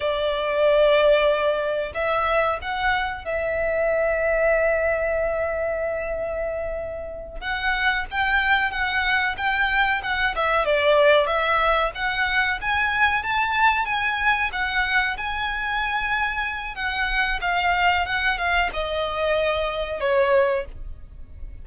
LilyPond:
\new Staff \with { instrumentName = "violin" } { \time 4/4 \tempo 4 = 93 d''2. e''4 | fis''4 e''2.~ | e''2.~ e''8 fis''8~ | fis''8 g''4 fis''4 g''4 fis''8 |
e''8 d''4 e''4 fis''4 gis''8~ | gis''8 a''4 gis''4 fis''4 gis''8~ | gis''2 fis''4 f''4 | fis''8 f''8 dis''2 cis''4 | }